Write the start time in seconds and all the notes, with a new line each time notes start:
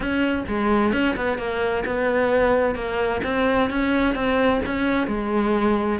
0.00 C#4
0.48 G#3
0.92 C#4
1.16 B3
1.38 A#3
1.85 B3
2.75 A#3
3.23 C4
3.69 C#4
4.14 C4
4.66 C#4
5.07 G#3